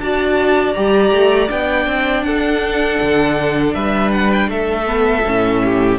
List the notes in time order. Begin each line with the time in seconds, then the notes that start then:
0.00 D4 F#4 D5 A5
0.73 G3 G4 A#5
1.12 A3
1.48 B3 D4 G5
1.87 C4
2.23 D4 A4 F#5
3.02 D3
3.74 G3 B4 E5
4.12 F#5
4.32 G5
4.48 A3 A4 E5
4.86 B3
5.26 A2 C#4
5.64 G4